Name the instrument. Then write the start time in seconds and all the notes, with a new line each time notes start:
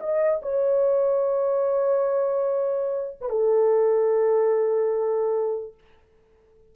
horn
0.00 D#5
0.42 C#5
3.21 B4
3.30 A4